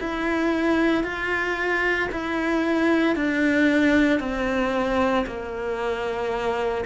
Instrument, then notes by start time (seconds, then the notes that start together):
cello
0.00 E4
1.04 F4
2.11 E4
3.16 D4
4.20 C4
5.27 A#3